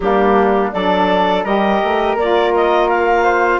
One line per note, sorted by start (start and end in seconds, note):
0.00 0.72 G3
0.00 0.72 A#3
0.00 0.73 D4
0.00 0.71 G4
0.72 1.44 F#3
0.72 1.45 D4
0.72 1.44 A4
0.72 1.44 D5
1.44 1.81 G3
1.44 2.17 G4
1.44 3.23 A#4
1.44 2.17 D#5
1.83 2.15 A3
2.15 3.59 A#3
2.15 3.60 F4
2.15 2.54 D5
2.55 2.89 D#5
2.89 3.60 F5
3.23 3.59 C5